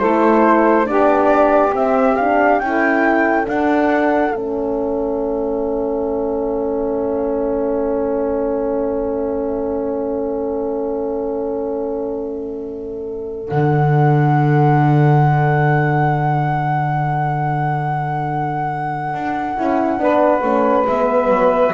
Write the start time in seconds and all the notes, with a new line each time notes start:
0.00 A3 E4 A4 C5
0.85 B3 D4 G4 D5
1.74 C4 E5
2.16 D4 F5
2.60 C#4 E4 A4 G5
3.46 D4 F#5
4.34 A3 C#4 E5
13.48 D3 D4 F#5
19.14 D4
19.56 C#4 E4
19.99 B3 D4 B4
20.43 A3 C#4
20.87 G#3 B3 E5
21.29 F#3